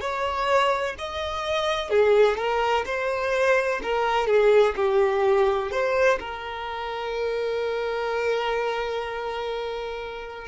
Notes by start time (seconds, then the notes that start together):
0.00 C#5
0.98 D#5
1.90 G#4
2.37 A#4
2.85 C5
3.82 A#4
4.27 G#4
4.76 G4
5.71 C5
6.19 A#4